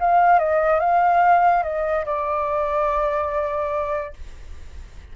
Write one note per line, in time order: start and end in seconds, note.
0.00 0.39 F5
0.39 0.80 D#5
0.80 1.63 F5
1.64 2.05 D#5
2.06 4.14 D5